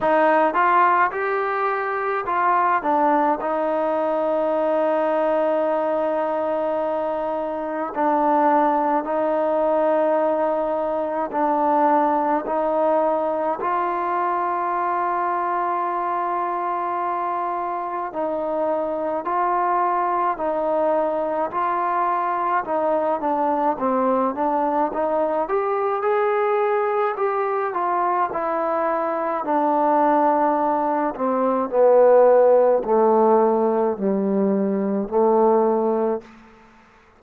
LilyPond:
\new Staff \with { instrumentName = "trombone" } { \time 4/4 \tempo 4 = 53 dis'8 f'8 g'4 f'8 d'8 dis'4~ | dis'2. d'4 | dis'2 d'4 dis'4 | f'1 |
dis'4 f'4 dis'4 f'4 | dis'8 d'8 c'8 d'8 dis'8 g'8 gis'4 | g'8 f'8 e'4 d'4. c'8 | b4 a4 g4 a4 | }